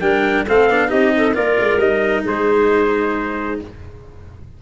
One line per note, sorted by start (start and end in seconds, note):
0.00 0.45 G3
0.00 0.46 D4
0.00 0.45 A#4
0.00 0.45 G5
0.46 0.69 A3
0.46 0.70 C4
0.46 0.89 A4
0.46 0.90 F5
0.69 0.91 B3
0.69 0.88 D4
0.88 1.36 C4
0.88 1.33 D#4
0.88 1.11 G4
0.88 1.35 D#5
1.16 1.34 A4
1.34 1.58 A#3
1.34 1.79 F4
1.34 2.24 A#4
1.34 1.79 D5
1.60 1.78 G#3
1.78 2.22 G3
1.78 3.60 D#4
1.78 2.24 D#5
2.24 3.61 G#3
2.24 3.59 G#4
2.24 3.61 C5